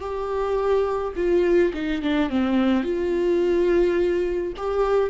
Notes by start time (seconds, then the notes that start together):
0.00 G4
1.16 F4
1.74 D#4
2.02 D4
2.30 C4
2.84 F4
4.57 G4